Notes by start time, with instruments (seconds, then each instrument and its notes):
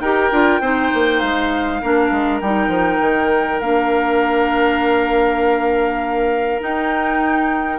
0.00 bassoon D#4, clarinet G4, oboe A#4, flute G5
0.31 bassoon D4, clarinet F4
0.60 bassoon C4, clarinet D#4, oboe C5
0.94 bassoon A#3
1.19 bassoon G#3, flute F5
1.81 bassoon A#3, clarinet D4, oboe A#4
2.11 bassoon G#3
2.40 bassoon G3, clarinet D#4, flute G5
2.68 bassoon F3
3.01 bassoon D#3
3.60 bassoon A#3, clarinet D4, flute F5
6.60 clarinet D#4, bassoon D#4, flute G5